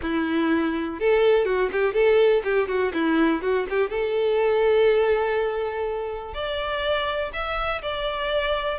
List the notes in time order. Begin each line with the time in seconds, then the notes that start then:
0.02 E4
0.99 A4
1.45 F#4
1.71 G4
1.93 A4
2.44 G4
2.68 F#4
2.93 E4
3.41 F#4
3.69 G4
3.90 A4
6.34 D5
7.33 E5
7.82 D5